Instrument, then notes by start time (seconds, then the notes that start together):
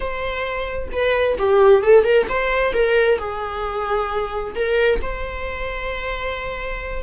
viola
0.00 C5
0.92 B4
1.38 G4
1.82 A4
2.04 A#4
2.28 C5
2.73 A#4
3.18 G#4
4.55 A#4
5.02 C5